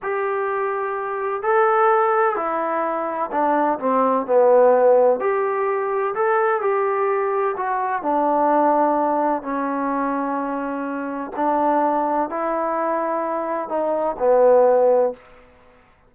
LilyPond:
\new Staff \with { instrumentName = "trombone" } { \time 4/4 \tempo 4 = 127 g'2. a'4~ | a'4 e'2 d'4 | c'4 b2 g'4~ | g'4 a'4 g'2 |
fis'4 d'2. | cis'1 | d'2 e'2~ | e'4 dis'4 b2 | }